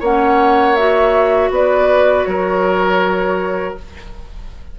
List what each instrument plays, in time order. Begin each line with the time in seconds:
0.00 bassoon A#3, clarinet C#4, oboe C#5, flute F#5
0.76 clarinet F#4, flute E5
1.51 bassoon B3, oboe B4, flute D5
2.25 bassoon F#3, oboe A#4, flute C#5